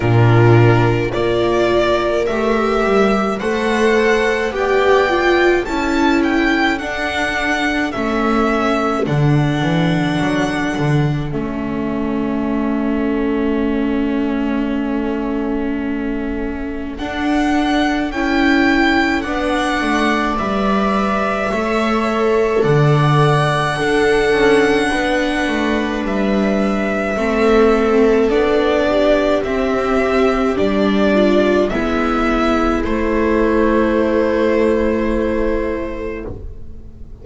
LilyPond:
<<
  \new Staff \with { instrumentName = "violin" } { \time 4/4 \tempo 4 = 53 ais'4 d''4 e''4 fis''4 | g''4 a''8 g''8 fis''4 e''4 | fis''2 e''2~ | e''2. fis''4 |
g''4 fis''4 e''2 | fis''2. e''4~ | e''4 d''4 e''4 d''4 | e''4 c''2. | }
  \new Staff \with { instrumentName = "viola" } { \time 4/4 f'4 ais'2 c''4 | d''4 a'2.~ | a'1~ | a'1~ |
a'4 d''2 cis''4 | d''4 a'4 b'2 | a'4. g'2 f'8 | e'1 | }
  \new Staff \with { instrumentName = "viola" } { \time 4/4 d'4 f'4 g'4 a'4 | g'8 f'8 e'4 d'4 cis'4 | d'2 cis'2~ | cis'2. d'4 |
e'4 d'4 b'4 a'4~ | a'4 d'2. | c'4 d'4 c'4 d'4 | b4 a2. | }
  \new Staff \with { instrumentName = "double bass" } { \time 4/4 ais,4 ais4 a8 g8 a4 | b4 cis'4 d'4 a4 | d8 e8 fis8 d8 a2~ | a2. d'4 |
cis'4 b8 a8 g4 a4 | d4 d'8 cis'8 b8 a8 g4 | a4 b4 c'4 g4 | gis4 a2. | }
>>